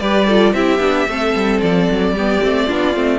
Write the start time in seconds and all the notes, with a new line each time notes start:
0.00 G3 G4 B4 D5
0.27 F4 A4
0.53 C4 E4 G4 E5
0.80 B3 D4
1.08 A3 C4 A4
1.35 G3
1.61 F3 D5
1.91 F#3
2.13 G3 B3 G4
2.42 A3 C4
2.67 B3 D4 F4
2.95 A3 C4